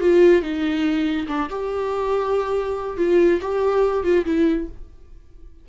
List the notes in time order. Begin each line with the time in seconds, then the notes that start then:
0.00 F4
0.41 D#4
1.27 D4
1.49 G4
2.97 F4
3.41 G4
4.03 F4
4.25 E4